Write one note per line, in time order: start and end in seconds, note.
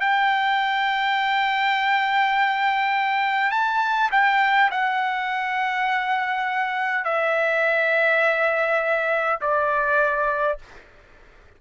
0.00 3.51 G5
3.51 4.10 A5
4.11 4.70 G5
4.71 7.04 F#5
7.04 9.40 E5
9.41 10.58 D5